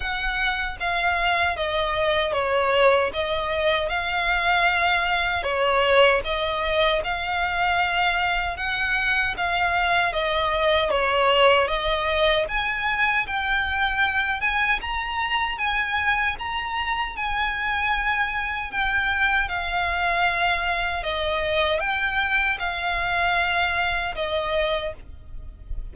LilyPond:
\new Staff \with { instrumentName = "violin" } { \time 4/4 \tempo 4 = 77 fis''4 f''4 dis''4 cis''4 | dis''4 f''2 cis''4 | dis''4 f''2 fis''4 | f''4 dis''4 cis''4 dis''4 |
gis''4 g''4. gis''8 ais''4 | gis''4 ais''4 gis''2 | g''4 f''2 dis''4 | g''4 f''2 dis''4 | }